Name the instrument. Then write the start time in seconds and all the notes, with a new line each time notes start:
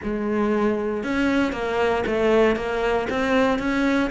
cello
0.03 G#3
1.03 C#4
1.52 A#3
2.06 A3
2.56 A#3
3.09 C4
3.58 C#4